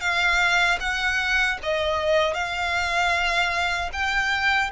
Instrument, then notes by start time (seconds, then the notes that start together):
violin
0.00 F5
0.79 F#5
1.62 D#5
2.34 F5
3.92 G5